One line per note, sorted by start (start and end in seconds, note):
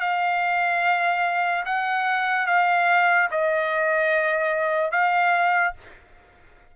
0.00 1.64 F5
1.65 2.47 F#5
2.47 3.29 F5
3.31 4.91 D#5
4.91 5.73 F5